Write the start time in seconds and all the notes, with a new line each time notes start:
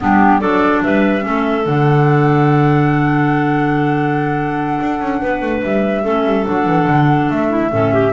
0.00 G3 B3 D4 G4
0.39 F#3 D4 A4 D5
0.82 G3 B4 E5
1.21 A3 C#4 A4
1.65 D3 D4 F#5
4.81 D4
5.00 C#4
5.21 B3 B4
5.41 A3
5.62 G3 E5
6.03 A3 C#4 A4
6.25 G3
6.45 F#3 D4 F#5
6.66 E3
6.87 D3
7.30 A3 E5
7.49 E4
7.70 A2 C#4 A4
7.93 G4